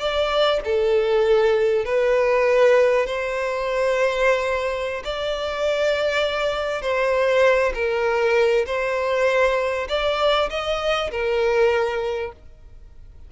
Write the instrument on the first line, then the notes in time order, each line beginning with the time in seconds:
violin
0.00 D5
0.65 A4
1.85 B4
3.06 C5
5.04 D5
6.82 C5
7.75 A#4
8.67 C5
9.89 D5
10.50 D#5
11.11 A#4